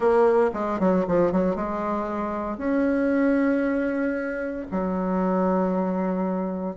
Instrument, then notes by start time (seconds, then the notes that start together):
bassoon
0.00 A#3
0.53 G#3
0.79 F#3
1.07 F3
1.31 F#3
1.55 G#3
2.57 C#4
4.71 F#3